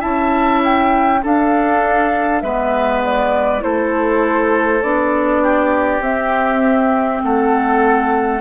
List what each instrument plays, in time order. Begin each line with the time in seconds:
0.00 bassoon C#4, clarinet E4, oboe E5, flute A5
0.64 flute G5
1.23 clarinet D4, bassoon D4, oboe A4, flute F5
2.42 bassoon G#3, clarinet B3, oboe B4, flute E5
3.05 flute D5
3.60 bassoon A3, clarinet E4, oboe A4, flute C5
4.82 bassoon B3, clarinet D4, flute D5
5.43 oboe G4
6.00 bassoon C4, clarinet C4, flute E5
7.23 bassoon A3, oboe A4, flute F#5